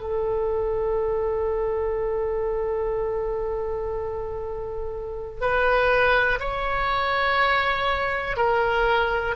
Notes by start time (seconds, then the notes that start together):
0.00 A4
5.41 B4
6.40 C#5
8.37 A#4